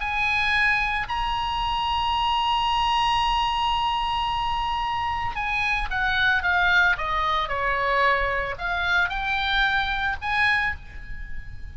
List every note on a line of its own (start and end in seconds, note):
0.00 1.07 G#5
1.08 5.35 A#5
5.35 5.89 G#5
5.91 6.43 F#5
6.43 6.96 F5
6.98 7.48 D#5
7.48 8.55 C#5
8.58 9.09 F5
9.09 10.16 G5
10.22 10.75 G#5